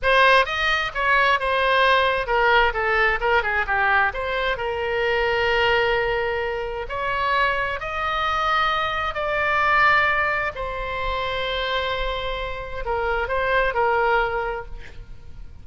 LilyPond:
\new Staff \with { instrumentName = "oboe" } { \time 4/4 \tempo 4 = 131 c''4 dis''4 cis''4 c''4~ | c''4 ais'4 a'4 ais'8 gis'8 | g'4 c''4 ais'2~ | ais'2. cis''4~ |
cis''4 dis''2. | d''2. c''4~ | c''1 | ais'4 c''4 ais'2 | }